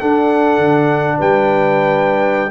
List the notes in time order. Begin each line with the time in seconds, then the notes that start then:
0.00 D4 A4 F#5
0.58 D3
1.18 G3 B4 G5